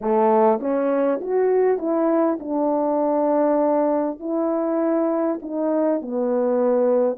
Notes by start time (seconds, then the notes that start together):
0.01 A3
0.60 C#4
1.21 F#4
1.78 E4
2.39 D4
4.19 E4
5.42 D#4
6.01 B3